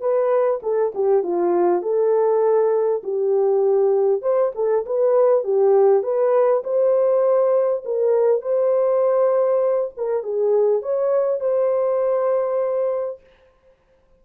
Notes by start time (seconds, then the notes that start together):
0.00 B4
0.62 A4
0.94 G4
1.23 F4
1.82 A4
3.03 G4
4.21 C5
4.55 A4
4.85 B4
5.43 G4
6.03 B4
6.64 C5
7.85 A#4
8.41 C5
9.97 A#4
10.23 G#4
10.82 C#5
11.40 C5